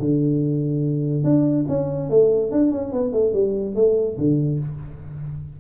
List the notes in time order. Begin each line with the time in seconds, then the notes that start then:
0.00 D3
1.24 D4
1.69 C#4
2.10 A3
2.52 D4
2.72 C#4
2.92 B3
3.13 A3
3.34 G3
3.76 A3
4.18 D3